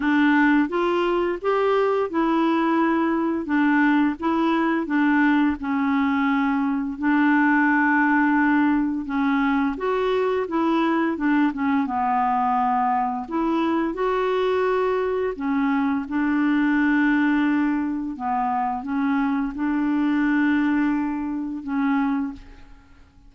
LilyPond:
\new Staff \with { instrumentName = "clarinet" } { \time 4/4 \tempo 4 = 86 d'4 f'4 g'4 e'4~ | e'4 d'4 e'4 d'4 | cis'2 d'2~ | d'4 cis'4 fis'4 e'4 |
d'8 cis'8 b2 e'4 | fis'2 cis'4 d'4~ | d'2 b4 cis'4 | d'2. cis'4 | }